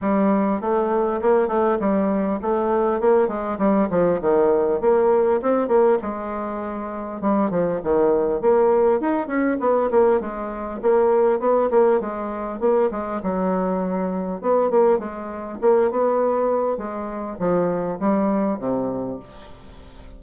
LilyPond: \new Staff \with { instrumentName = "bassoon" } { \time 4/4 \tempo 4 = 100 g4 a4 ais8 a8 g4 | a4 ais8 gis8 g8 f8 dis4 | ais4 c'8 ais8 gis2 | g8 f8 dis4 ais4 dis'8 cis'8 |
b8 ais8 gis4 ais4 b8 ais8 | gis4 ais8 gis8 fis2 | b8 ais8 gis4 ais8 b4. | gis4 f4 g4 c4 | }